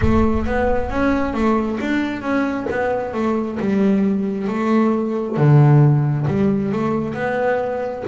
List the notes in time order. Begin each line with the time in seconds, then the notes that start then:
0.01 A3
0.46 B3
0.90 C#4
1.34 A3
1.80 D4
2.21 C#4
2.70 B3
3.13 A3
3.59 G3
4.47 A3
5.36 D3
6.27 G3
6.72 A3
7.14 B3